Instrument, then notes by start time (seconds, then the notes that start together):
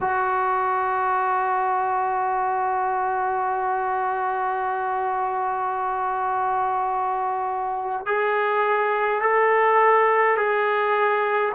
trombone
0.01 F#4
8.06 G#4
9.22 A4
10.37 G#4